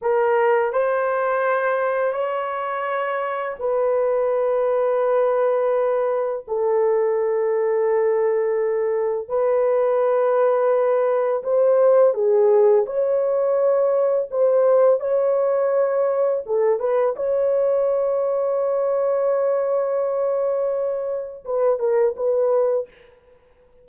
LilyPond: \new Staff \with { instrumentName = "horn" } { \time 4/4 \tempo 4 = 84 ais'4 c''2 cis''4~ | cis''4 b'2.~ | b'4 a'2.~ | a'4 b'2. |
c''4 gis'4 cis''2 | c''4 cis''2 a'8 b'8 | cis''1~ | cis''2 b'8 ais'8 b'4 | }